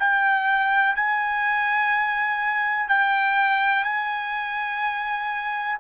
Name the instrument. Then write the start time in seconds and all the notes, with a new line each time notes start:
trumpet
0.00 G5
0.96 G#5
2.89 G5
3.84 G#5